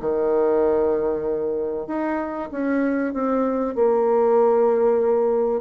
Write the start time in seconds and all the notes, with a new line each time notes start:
0.00 D#3
1.86 D#4
2.51 C#4
3.13 C4
3.75 A#3